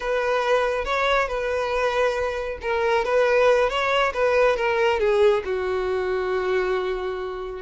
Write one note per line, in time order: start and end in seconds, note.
0.00 0.85 B4
0.85 1.28 C#5
1.28 2.58 B4
2.61 3.04 A#4
3.04 3.69 B4
3.69 4.12 C#5
4.13 4.56 B4
4.56 4.99 A#4
4.99 5.43 G#4
5.44 7.62 F#4